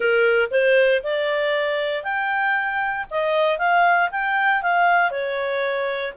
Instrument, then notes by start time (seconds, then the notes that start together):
clarinet
0.00 A#4
0.51 C5
1.03 D5
2.03 G5
3.10 D#5
3.58 F5
4.11 G5
4.62 F5
5.10 C#5